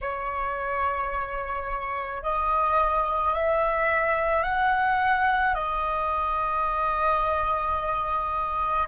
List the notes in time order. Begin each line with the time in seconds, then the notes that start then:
0.01 C#5
2.22 D#5
3.33 E5
4.43 F#5
5.54 D#5